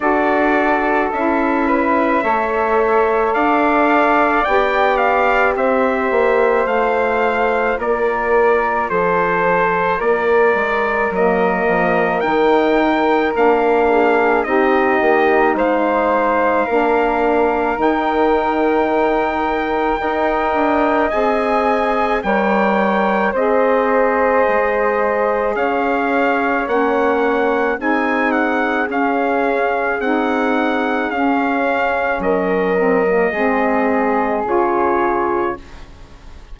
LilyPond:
<<
  \new Staff \with { instrumentName = "trumpet" } { \time 4/4 \tempo 4 = 54 d''4 e''2 f''4 | g''8 f''8 e''4 f''4 d''4 | c''4 d''4 dis''4 g''4 | f''4 dis''4 f''2 |
g''2. gis''4 | g''4 dis''2 f''4 | fis''4 gis''8 fis''8 f''4 fis''4 | f''4 dis''2 cis''4 | }
  \new Staff \with { instrumentName = "flute" } { \time 4/4 a'4. b'8 cis''4 d''4~ | d''4 c''2 ais'4 | a'4 ais'2.~ | ais'8 gis'8 g'4 c''4 ais'4~ |
ais'2 dis''2 | cis''4 c''2 cis''4~ | cis''4 gis'2.~ | gis'4 ais'4 gis'2 | }
  \new Staff \with { instrumentName = "saxophone" } { \time 4/4 fis'4 e'4 a'2 | g'2 f'2~ | f'2 ais4 dis'4 | d'4 dis'2 d'4 |
dis'2 ais'4 gis'4 | ais'4 gis'2. | cis'4 dis'4 cis'4 dis'4 | cis'4. c'16 ais16 c'4 f'4 | }
  \new Staff \with { instrumentName = "bassoon" } { \time 4/4 d'4 cis'4 a4 d'4 | b4 c'8 ais8 a4 ais4 | f4 ais8 gis8 fis8 f8 dis4 | ais4 c'8 ais8 gis4 ais4 |
dis2 dis'8 d'8 c'4 | g4 c'4 gis4 cis'4 | ais4 c'4 cis'4 c'4 | cis'4 fis4 gis4 cis4 | }
>>